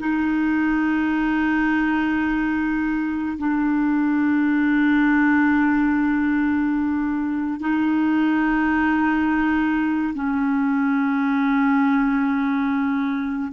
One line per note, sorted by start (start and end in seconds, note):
0.00 3.38 D#4
3.38 7.60 D4
7.60 10.14 D#4
10.14 13.52 C#4